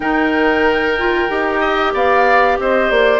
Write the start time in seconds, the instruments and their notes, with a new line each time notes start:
0.00 bassoon D#3, clarinet D#4, oboe A#4, flute G5
0.97 clarinet F4
1.28 bassoon D#4, clarinet G4
1.60 oboe D#5
1.93 bassoon B3, oboe D5, flute F5
2.59 bassoon C4, oboe C5, flute D#5
2.90 bassoon A#3, flute D5